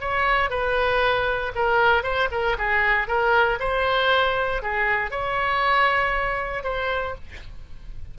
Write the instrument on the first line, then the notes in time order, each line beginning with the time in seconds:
oboe
0.00 C#5
0.50 B4
1.55 A#4
2.03 C5
2.31 A#4
2.58 G#4
3.07 A#4
3.59 C5
4.62 G#4
5.11 C#5
6.63 C5